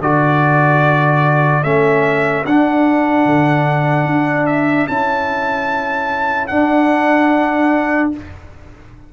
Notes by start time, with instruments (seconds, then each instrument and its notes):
0.00 tuba D3, trombone F#4, horn A4, trumpet D5
1.64 tuba A3, trombone C#4, trumpet E5
2.45 tuba D4, trombone D4, trumpet F#5
3.26 tuba D3
4.06 tuba D4
4.47 trumpet E5
4.88 tuba C#4, trombone E4, trumpet A5
6.47 trombone D4, tuba D4, trumpet F#5